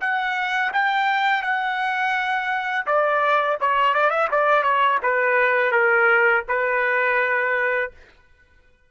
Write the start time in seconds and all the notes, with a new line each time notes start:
0.00 F#5
0.72 G5
1.42 F#5
2.86 D5
3.60 C#5
3.94 D5
4.10 E5
4.31 D5
4.63 C#5
5.02 B4
5.71 A#4
6.48 B4